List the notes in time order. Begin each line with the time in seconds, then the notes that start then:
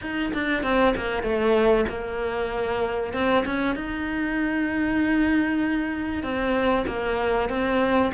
0.01 D#4
0.33 D4
0.63 C4
0.96 A#3
1.22 A3
1.89 A#3
3.13 C4
3.45 C#4
3.75 D#4
6.23 C4
6.87 A#3
7.49 C4